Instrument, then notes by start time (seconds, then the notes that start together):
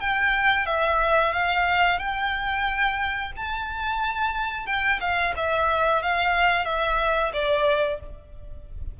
violin
0.00 G5
0.66 E5
1.33 F5
1.99 G5
3.36 A5
4.66 G5
5.01 F5
5.36 E5
6.02 F5
6.65 E5
7.33 D5